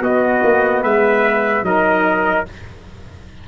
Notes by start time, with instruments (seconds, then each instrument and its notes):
0.00 tuba B3, saxophone B3, trumpet F#4 D#5
0.43 tuba A#3
0.83 tuba G#3, trumpet B4 E5
1.62 tuba F#3, saxophone D#4, trumpet A#4 D#5